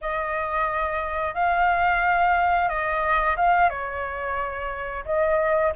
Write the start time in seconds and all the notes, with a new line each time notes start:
0.01 D#5
1.34 F5
2.68 D#5
3.36 F5
3.69 C#5
5.05 D#5